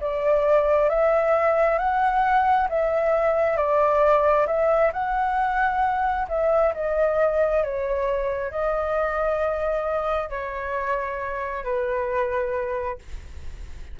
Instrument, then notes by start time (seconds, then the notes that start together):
flute
0.00 D5
0.89 E5
1.78 F#5
2.69 E5
3.57 D5
4.47 E5
4.93 F#5
6.28 E5
6.74 D#5
7.63 C#5
8.50 D#5
10.29 C#5
11.63 B4